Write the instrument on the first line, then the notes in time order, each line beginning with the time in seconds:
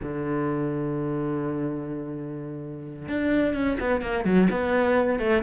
cello
0.02 D3
3.08 D4
3.53 C#4
3.80 B3
4.01 A#3
4.25 F#3
4.50 B3
5.19 A3